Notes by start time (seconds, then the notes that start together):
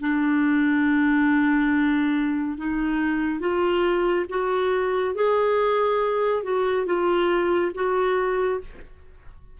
0.00 D4
2.57 D#4
3.40 F4
4.29 F#4
5.15 G#4
6.43 F#4
6.86 F4
7.74 F#4